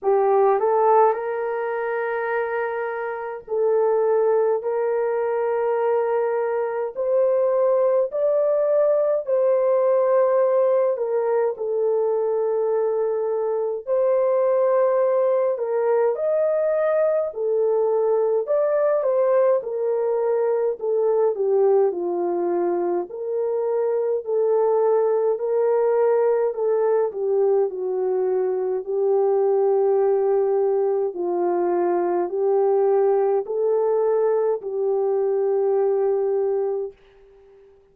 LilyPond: \new Staff \with { instrumentName = "horn" } { \time 4/4 \tempo 4 = 52 g'8 a'8 ais'2 a'4 | ais'2 c''4 d''4 | c''4. ais'8 a'2 | c''4. ais'8 dis''4 a'4 |
d''8 c''8 ais'4 a'8 g'8 f'4 | ais'4 a'4 ais'4 a'8 g'8 | fis'4 g'2 f'4 | g'4 a'4 g'2 | }